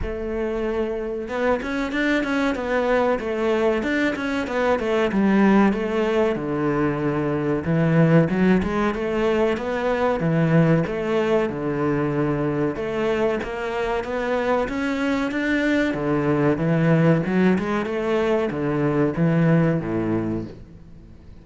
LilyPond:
\new Staff \with { instrumentName = "cello" } { \time 4/4 \tempo 4 = 94 a2 b8 cis'8 d'8 cis'8 | b4 a4 d'8 cis'8 b8 a8 | g4 a4 d2 | e4 fis8 gis8 a4 b4 |
e4 a4 d2 | a4 ais4 b4 cis'4 | d'4 d4 e4 fis8 gis8 | a4 d4 e4 a,4 | }